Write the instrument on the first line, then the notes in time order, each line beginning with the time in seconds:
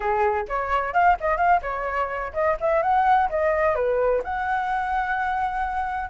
flute
0.00 G#4
0.48 C#5
0.93 F5
1.20 D#5
1.37 F5
1.62 C#5
2.33 D#5
2.60 E5
2.82 F#5
3.29 D#5
3.75 B4
4.24 F#5